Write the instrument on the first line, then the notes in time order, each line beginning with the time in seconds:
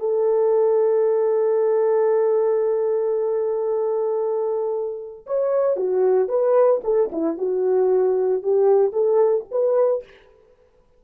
horn
0.00 A4
5.27 C#5
5.77 F#4
6.29 B4
6.84 A4
7.12 E4
7.38 F#4
8.43 G4
8.93 A4
9.52 B4